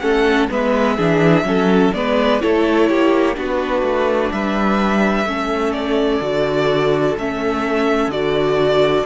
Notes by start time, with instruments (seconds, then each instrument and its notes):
0.00 cello A3, viola C#4, violin A4 F#5
0.50 cello G#3, viola B3, violin B4 E5
0.97 cello E3, viola D4, violin G#4
1.44 cello F#3, viola C#4, violin A4
1.94 cello G#3, viola B3, violin B4 D5
2.41 cello A3, viola E4, violin A4 C#5
2.90 cello A#3, violin G4
3.35 cello B3, viola D4, violin F#4 B4
3.83 cello A3
4.32 cello G3, violin B4 E5
5.25 cello A3, viola C#4, violin A4
5.73 violin D5
6.21 cello D3, viola F#4
7.17 cello A3, viola C#4, violin E5
8.08 cello D3, viola F#4, violin D5